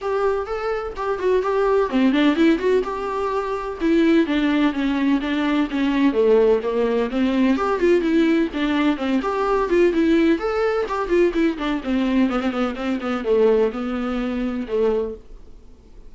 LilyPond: \new Staff \with { instrumentName = "viola" } { \time 4/4 \tempo 4 = 127 g'4 a'4 g'8 fis'8 g'4 | c'8 d'8 e'8 fis'8 g'2 | e'4 d'4 cis'4 d'4 | cis'4 a4 ais4 c'4 |
g'8 f'8 e'4 d'4 c'8 g'8~ | g'8 f'8 e'4 a'4 g'8 f'8 | e'8 d'8 c'4 b16 c'16 b8 c'8 b8 | a4 b2 a4 | }